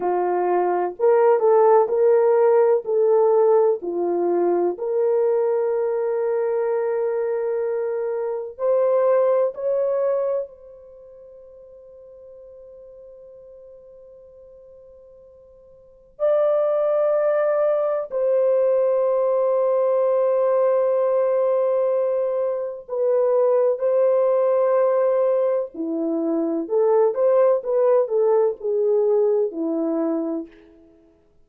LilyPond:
\new Staff \with { instrumentName = "horn" } { \time 4/4 \tempo 4 = 63 f'4 ais'8 a'8 ais'4 a'4 | f'4 ais'2.~ | ais'4 c''4 cis''4 c''4~ | c''1~ |
c''4 d''2 c''4~ | c''1 | b'4 c''2 e'4 | a'8 c''8 b'8 a'8 gis'4 e'4 | }